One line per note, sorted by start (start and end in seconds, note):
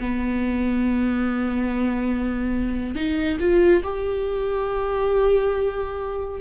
0.00 2.95 B3
2.95 3.38 D#4
3.40 3.83 F4
3.83 6.40 G4